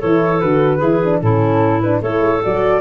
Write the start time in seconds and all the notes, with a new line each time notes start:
0.00 E3 E4 A4 C#5
0.40 D3 F#4 B4
0.78 E3 E4 G#4
1.04 D4
1.22 A2 C#4 E4 A4
1.81 D4 B4
2.01 A3 E4 A4 C#5
2.20 G#3
2.42 F#3 F#4 D5